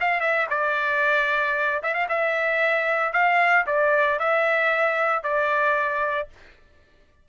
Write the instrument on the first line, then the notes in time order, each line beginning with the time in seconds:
trumpet
0.00 F5
0.20 E5
0.50 D5
1.83 E5
1.94 F5
2.09 E5
3.13 F5
3.66 D5
4.19 E5
5.23 D5